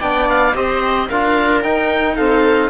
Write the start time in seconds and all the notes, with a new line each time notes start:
0.00 B3 D4 D5 G5
0.30 F5
0.55 C4 G4 C5 D#5
1.09 D4 F4 A#4 F5
1.63 D#4 G5
2.16 C4 A4 F5